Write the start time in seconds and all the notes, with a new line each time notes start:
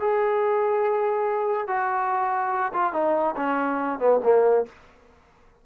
0.00 G#4
1.67 F#4
2.73 F4
2.93 D#4
3.36 C#4
3.99 B3
4.23 A#3